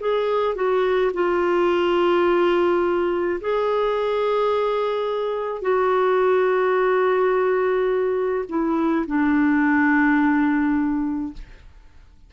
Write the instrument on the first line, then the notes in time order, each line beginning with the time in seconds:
clarinet
0.00 G#4
0.55 F#4
1.14 F4
3.41 G#4
5.62 F#4
8.49 E4
9.07 D4